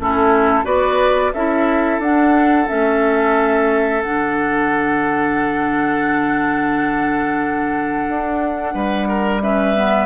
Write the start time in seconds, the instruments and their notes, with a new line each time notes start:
0.00 bassoon A3, clarinet C#4, oboe E4, flute A4
0.64 bassoon B3, clarinet F#4, oboe B4, flute D5
1.33 bassoon C#4, clarinet E4, oboe A4, flute E5
1.99 bassoon D4, clarinet D4, flute F#5
2.68 bassoon A3, clarinet C#4, flute E5
4.02 bassoon D3, clarinet D4, flute F#5
8.09 bassoon D4
8.74 bassoon G3, oboe B4
9.08 oboe A#4
9.42 clarinet C#4, oboe B4, flute E5
9.75 clarinet B3